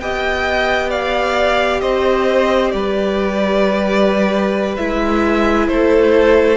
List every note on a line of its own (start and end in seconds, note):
0.00 1.82 B3
0.00 4.78 G4
0.00 0.90 D#5
0.00 0.91 G5
0.90 1.81 D5
0.90 1.81 F5
1.81 2.73 C4
1.81 2.73 C5
1.81 2.71 D#5
2.71 4.78 G3
2.71 5.70 B4
2.71 4.75 D5
4.77 5.69 G#3
4.77 6.57 E4
4.77 5.68 E5
5.68 6.57 A3
5.68 6.57 A4
5.68 6.57 C5